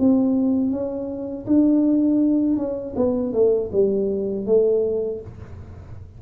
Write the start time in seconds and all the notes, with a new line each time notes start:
0.00 C4
0.72 C#4
1.47 D4
2.57 C#4
2.96 B3
3.33 A3
3.73 G3
4.46 A3